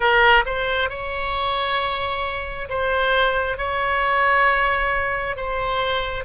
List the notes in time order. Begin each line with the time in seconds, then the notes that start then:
0.00 A#4
0.45 C5
0.90 C#5
2.69 C5
3.57 C#5
5.36 C5